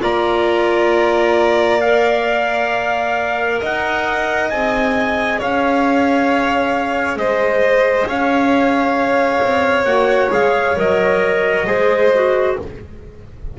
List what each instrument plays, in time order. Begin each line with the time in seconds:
0.00 double bass A#3, clarinet F4, violin D5, trumpet A#5
1.81 clarinet A#4, trumpet F5
3.60 double bass D#4, violin D#5, trumpet F#5
4.50 double bass C4, clarinet G#4, trumpet G#5
5.39 double bass C#4, violin C#5, trumpet F5
7.16 double bass G#3, violin C5, trumpet D#5
8.06 double bass C#4, violin C#5, trumpet F5
9.42 double bass C4
9.85 double bass A#3, clarinet F#4, trumpet F#5
10.29 double bass G#3, clarinet G#4, trumpet F5
10.77 double bass F#3, clarinet A#4, trumpet D#5
11.66 double bass G#3, clarinet G#4, violin C5
12.15 clarinet F#4